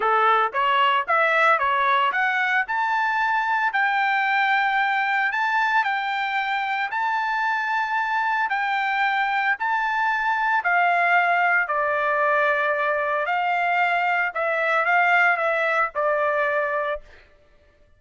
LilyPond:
\new Staff \with { instrumentName = "trumpet" } { \time 4/4 \tempo 4 = 113 a'4 cis''4 e''4 cis''4 | fis''4 a''2 g''4~ | g''2 a''4 g''4~ | g''4 a''2. |
g''2 a''2 | f''2 d''2~ | d''4 f''2 e''4 | f''4 e''4 d''2 | }